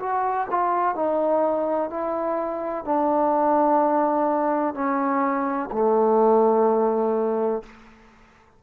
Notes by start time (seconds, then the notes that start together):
0.00 F#4
0.51 F4
0.96 D#4
1.90 E4
2.85 D4
4.74 C#4
5.72 A3